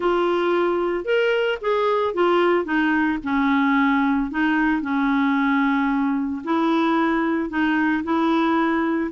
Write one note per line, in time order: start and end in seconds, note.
0.00 1.04 F4
1.04 1.58 A#4
1.61 2.14 G#4
2.14 2.64 F4
2.64 3.18 D#4
3.23 4.30 C#4
4.31 4.81 D#4
4.81 6.42 C#4
6.43 7.49 E4
7.49 8.03 D#4
8.03 9.10 E4